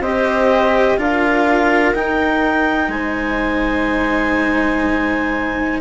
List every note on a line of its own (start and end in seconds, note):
0.00 0.97 C4
0.00 0.98 G4
0.00 0.98 C5
0.00 0.99 D#5
0.98 1.94 D4
0.98 1.95 F4
0.98 2.93 A#4
0.98 1.95 F5
1.94 2.89 D#4
1.94 5.81 D#4
1.94 2.90 G5
2.89 5.79 G#3
2.89 5.81 C5
2.89 5.80 G#5